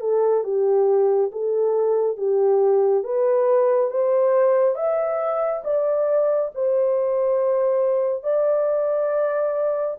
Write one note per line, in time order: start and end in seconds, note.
0.00 0.43 A4
0.44 1.31 G4
1.32 2.17 A4
2.17 3.04 G4
3.04 3.91 B4
3.91 4.75 C5
4.75 5.62 E5
5.64 6.51 D5
6.55 8.23 C5
8.23 9.97 D5